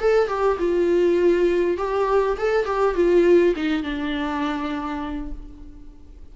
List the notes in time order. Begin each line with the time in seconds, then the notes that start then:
0.00 A4
0.28 G4
0.59 F4
1.78 G4
2.38 A4
2.66 G4
2.95 F4
3.56 D#4
3.83 D4